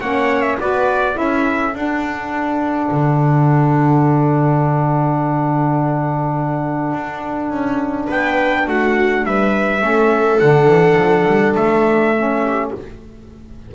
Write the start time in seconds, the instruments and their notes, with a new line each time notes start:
0.00 double bass A#3, saxophone C#4, viola C#5, trumpet F#5
0.41 trumpet E5
0.59 double bass B3, saxophone F#4, viola B4, trumpet D5
1.12 double bass C#4, saxophone E4, viola A4, trumpet E5
1.72 saxophone D4, double bass D4, trumpet F#5
2.91 double bass D3
6.93 double bass D4
7.50 double bass C#4
8.07 double bass B3, viola B4, trumpet G5
8.66 double bass A3, viola F#4, trumpet F#5
9.24 double bass G3, viola B4, trumpet E5
9.80 double bass A3, saxophone C#4, viola A4
10.39 double bass D3, saxophone D4, trumpet F#5
10.67 double bass E3
10.97 double bass F3
11.26 double bass G3
11.56 double bass A3, trumpet E5
12.17 saxophone C#4
12.42 viola G4